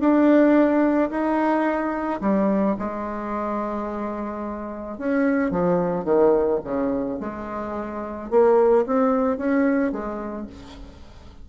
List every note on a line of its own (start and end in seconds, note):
0.00 1.10 D4
1.11 2.21 D#4
2.21 2.76 G3
2.79 4.98 G#3
4.98 5.51 C#4
5.51 6.05 F3
6.05 6.60 D#3
6.64 7.19 C#3
7.20 8.30 G#3
8.31 8.86 A#3
8.86 9.38 C4
9.38 9.92 C#4
9.92 10.47 G#3